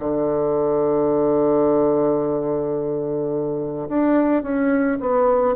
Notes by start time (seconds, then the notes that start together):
0.00 D3
3.89 D4
4.43 C#4
5.01 B3